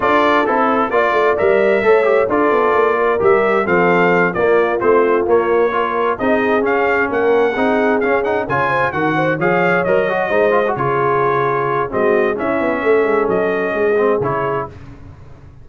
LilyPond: <<
  \new Staff \with { instrumentName = "trumpet" } { \time 4/4 \tempo 4 = 131 d''4 a'4 d''4 e''4~ | e''4 d''2 e''4 | f''4. d''4 c''4 cis''8~ | cis''4. dis''4 f''4 fis''8~ |
fis''4. f''8 fis''8 gis''4 fis''8~ | fis''8 f''4 dis''2 cis''8~ | cis''2 dis''4 e''4~ | e''4 dis''2 cis''4 | }
  \new Staff \with { instrumentName = "horn" } { \time 4/4 a'2 d''2 | cis''4 a'4. ais'4. | a'4. f'2~ f'8~ | f'8 ais'4 gis'2 ais'8~ |
ais'8 gis'2 cis''8 c''8 ais'8 | c''8 cis''2 c''4 gis'8~ | gis'2 fis'4 e'4 | a'2 gis'2 | }
  \new Staff \with { instrumentName = "trombone" } { \time 4/4 f'4 e'4 f'4 ais'4 | a'8 g'8 f'2 g'4 | c'4. ais4 c'4 ais8~ | ais8 f'4 dis'4 cis'4.~ |
cis'8 dis'4 cis'8 dis'8 f'4 fis'8~ | fis'8 gis'4 ais'8 fis'8 dis'8 f'16 fis'16 f'8~ | f'2 c'4 cis'4~ | cis'2~ cis'8 c'8 e'4 | }
  \new Staff \with { instrumentName = "tuba" } { \time 4/4 d'4 c'4 ais8 a8 g4 | a4 d'8 b8 ais4 g4 | f4. ais4 a4 ais8~ | ais4. c'4 cis'4 ais8~ |
ais8 c'4 cis'4 cis4 dis8~ | dis8 f4 fis4 gis4 cis8~ | cis2 gis4 cis'8 b8 | a8 gis8 fis4 gis4 cis4 | }
>>